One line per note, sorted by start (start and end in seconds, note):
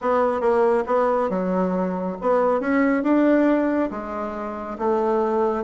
0.01 0.40 B3
0.40 0.84 A#3
0.86 1.29 B3
1.29 2.16 F#3
2.21 2.60 B3
2.60 3.03 C#4
3.03 3.90 D4
3.90 4.77 G#3
4.78 5.64 A3